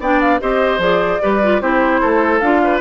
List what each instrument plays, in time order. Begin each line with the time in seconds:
0.00 bassoon B3, clarinet D4, oboe D5, flute G5
0.21 flute F5
0.40 bassoon C4, clarinet G4, oboe C5, flute D#5
0.78 bassoon F3, clarinet G#4, flute D5
1.22 bassoon G3, clarinet G4, oboe B4
1.43 clarinet F4
1.61 bassoon C4, clarinet E4, oboe G4, flute C5
2.01 bassoon A3, oboe A4
2.40 bassoon D4, clarinet F4, flute F5
2.64 oboe B4